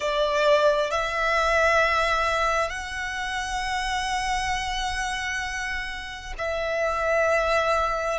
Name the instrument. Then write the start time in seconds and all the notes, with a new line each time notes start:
violin
0.00 D5
0.90 E5
2.69 F#5
6.38 E5